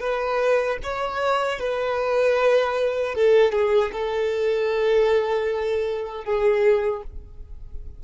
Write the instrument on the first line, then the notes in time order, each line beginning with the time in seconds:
violin
0.00 B4
0.83 C#5
1.59 B4
3.15 A4
3.52 G#4
3.92 A4
6.24 G#4